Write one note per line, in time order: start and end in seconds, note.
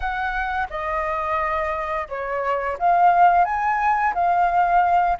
0.00 0.67 F#5
0.70 2.08 D#5
2.08 2.77 C#5
2.78 3.45 F5
3.45 4.13 G#5
4.14 5.17 F5